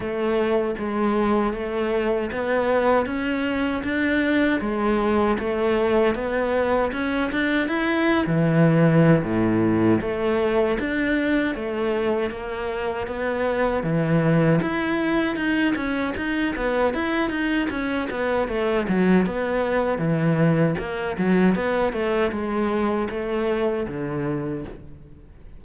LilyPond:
\new Staff \with { instrumentName = "cello" } { \time 4/4 \tempo 4 = 78 a4 gis4 a4 b4 | cis'4 d'4 gis4 a4 | b4 cis'8 d'8 e'8. e4~ e16 | a,4 a4 d'4 a4 |
ais4 b4 e4 e'4 | dis'8 cis'8 dis'8 b8 e'8 dis'8 cis'8 b8 | a8 fis8 b4 e4 ais8 fis8 | b8 a8 gis4 a4 d4 | }